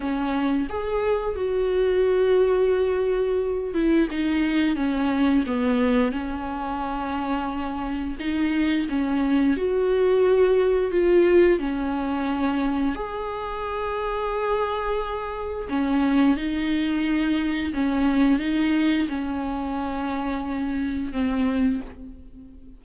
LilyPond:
\new Staff \with { instrumentName = "viola" } { \time 4/4 \tempo 4 = 88 cis'4 gis'4 fis'2~ | fis'4. e'8 dis'4 cis'4 | b4 cis'2. | dis'4 cis'4 fis'2 |
f'4 cis'2 gis'4~ | gis'2. cis'4 | dis'2 cis'4 dis'4 | cis'2. c'4 | }